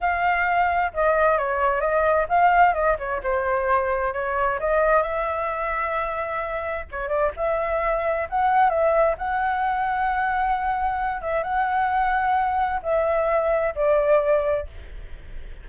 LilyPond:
\new Staff \with { instrumentName = "flute" } { \time 4/4 \tempo 4 = 131 f''2 dis''4 cis''4 | dis''4 f''4 dis''8 cis''8 c''4~ | c''4 cis''4 dis''4 e''4~ | e''2. cis''8 d''8 |
e''2 fis''4 e''4 | fis''1~ | fis''8 e''8 fis''2. | e''2 d''2 | }